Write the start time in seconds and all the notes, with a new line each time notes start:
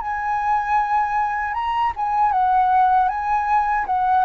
0.00 G#5
1.53 A#5
1.96 G#5
2.31 F#5
3.08 G#5
3.86 F#5